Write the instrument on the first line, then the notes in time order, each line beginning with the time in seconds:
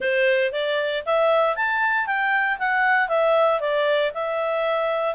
clarinet
0.00 C5
0.52 D5
1.05 E5
1.56 A5
2.06 G5
2.58 F#5
3.08 E5
3.60 D5
4.14 E5